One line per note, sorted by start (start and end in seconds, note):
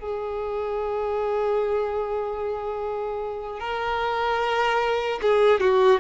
0.00 3.60 G#4
3.60 5.20 A#4
5.22 5.60 G#4
5.60 6.00 F#4